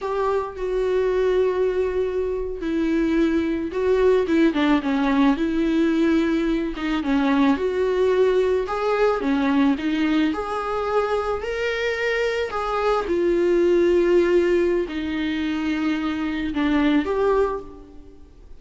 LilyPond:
\new Staff \with { instrumentName = "viola" } { \time 4/4 \tempo 4 = 109 g'4 fis'2.~ | fis'8. e'2 fis'4 e'16~ | e'16 d'8 cis'4 e'2~ e'16~ | e'16 dis'8 cis'4 fis'2 gis'16~ |
gis'8. cis'4 dis'4 gis'4~ gis'16~ | gis'8. ais'2 gis'4 f'16~ | f'2. dis'4~ | dis'2 d'4 g'4 | }